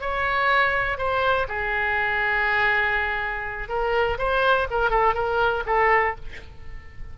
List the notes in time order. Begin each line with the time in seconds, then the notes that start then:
0.00 C#5
0.97 C5
1.48 G#4
3.68 A#4
4.18 C5
4.70 A#4
4.90 A4
5.14 A#4
5.66 A4